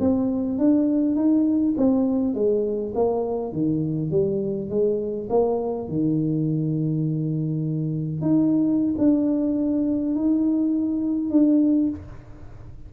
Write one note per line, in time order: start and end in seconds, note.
0.00 0.58 C4
0.58 1.16 D4
1.16 1.74 D#4
1.77 2.34 C4
2.34 2.93 G#3
2.95 3.52 A#3
3.52 4.11 D#3
4.11 4.70 G3
4.70 5.28 G#3
5.30 5.89 A#3
5.89 8.21 D#3
8.21 8.95 D#4
8.98 10.15 D4
10.15 11.30 D#4
11.30 11.89 D4